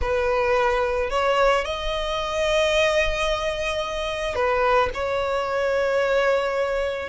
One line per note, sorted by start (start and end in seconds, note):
0.01 1.10 B4
1.10 1.64 C#5
1.64 4.35 D#5
4.35 4.89 B4
4.93 7.09 C#5